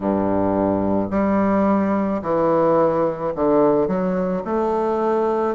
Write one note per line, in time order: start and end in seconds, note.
0.00 1.10 G2
1.10 2.21 G3
2.22 3.33 E3
3.35 3.87 D3
3.87 4.42 F#3
4.44 5.55 A3